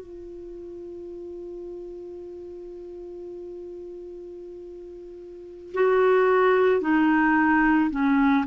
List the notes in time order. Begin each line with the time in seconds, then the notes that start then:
0.00 F4
5.74 F#4
6.81 D#4
7.90 C#4